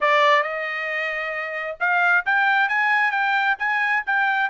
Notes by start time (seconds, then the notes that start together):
0.01 D5
0.42 D#5
1.80 F5
2.25 G5
2.68 G#5
3.11 G5
3.58 G#5
4.06 G5